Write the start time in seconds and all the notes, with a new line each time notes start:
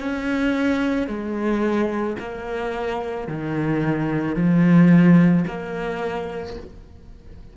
0.00 C#4
1.08 G#3
2.19 A#3
3.28 D#3
4.36 F3
5.47 A#3